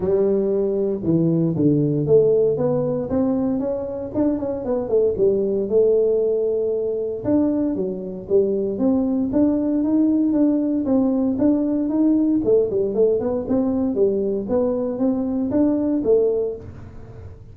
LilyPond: \new Staff \with { instrumentName = "tuba" } { \time 4/4 \tempo 4 = 116 g2 e4 d4 | a4 b4 c'4 cis'4 | d'8 cis'8 b8 a8 g4 a4~ | a2 d'4 fis4 |
g4 c'4 d'4 dis'4 | d'4 c'4 d'4 dis'4 | a8 g8 a8 b8 c'4 g4 | b4 c'4 d'4 a4 | }